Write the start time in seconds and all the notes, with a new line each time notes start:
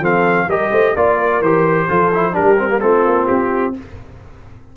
0.00 F3 C4 A4 F5
0.47 G3 G4 A#4 D#5
0.70 A3 C5
0.95 A#3 F4 D5
1.17 A#4
1.41 E3 G4 C5
1.87 F3 F4 A4
2.13 E4
2.32 G3 D4 G4 A#4
2.58 C4
2.68 A#3
2.79 A3 C4 F4 A4
3.05 A#3
3.26 C4 G4